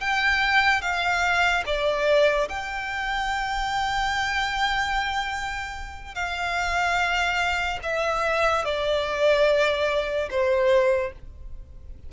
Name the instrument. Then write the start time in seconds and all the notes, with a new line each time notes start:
violin
0.00 G5
0.81 F5
1.66 D5
2.48 G5
6.15 F5
7.83 E5
8.65 D5
10.30 C5